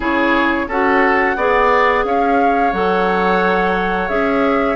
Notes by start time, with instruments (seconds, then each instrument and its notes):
0.00 bassoon C#3, clarinet E4, oboe G#4, flute C#5
0.67 bassoon C#4, clarinet F#4, oboe A4, flute F#5
1.36 bassoon B3, clarinet G#4, oboe D5
2.04 bassoon C#4, oboe C#5, flute F5
2.72 bassoon F#3, clarinet A4, flute F#5
4.08 bassoon C#4, clarinet G#4, flute E5